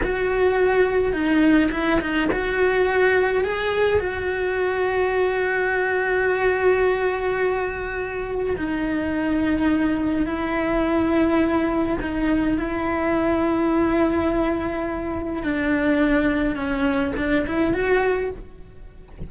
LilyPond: \new Staff \with { instrumentName = "cello" } { \time 4/4 \tempo 4 = 105 fis'2 dis'4 e'8 dis'8 | fis'2 gis'4 fis'4~ | fis'1~ | fis'2. dis'4~ |
dis'2 e'2~ | e'4 dis'4 e'2~ | e'2. d'4~ | d'4 cis'4 d'8 e'8 fis'4 | }